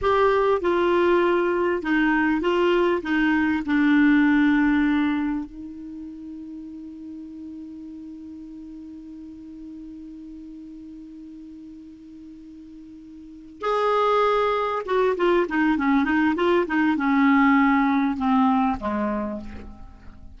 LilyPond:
\new Staff \with { instrumentName = "clarinet" } { \time 4/4 \tempo 4 = 99 g'4 f'2 dis'4 | f'4 dis'4 d'2~ | d'4 dis'2.~ | dis'1~ |
dis'1~ | dis'2~ dis'8 gis'4.~ | gis'8 fis'8 f'8 dis'8 cis'8 dis'8 f'8 dis'8 | cis'2 c'4 gis4 | }